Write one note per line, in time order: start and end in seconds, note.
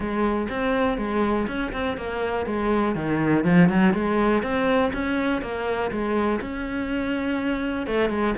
0.00 0.48 G#3
0.49 0.97 C4
0.97 1.46 G#3
1.47 1.72 C#4
1.72 1.97 C4
1.97 2.46 A#3
2.46 2.95 G#3
2.95 3.44 D#3
3.44 3.69 F3
3.69 3.93 F#3
3.93 4.42 G#3
4.42 4.92 C4
4.93 5.41 C#4
5.41 5.90 A#3
5.91 6.40 G#3
6.40 7.86 C#4
7.86 8.09 A3
8.09 8.34 G#3